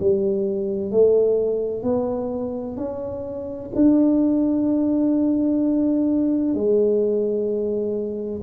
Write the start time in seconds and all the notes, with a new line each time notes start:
0.00 G3
0.91 A3
1.83 B3
2.77 C#4
3.75 D4
6.55 G#3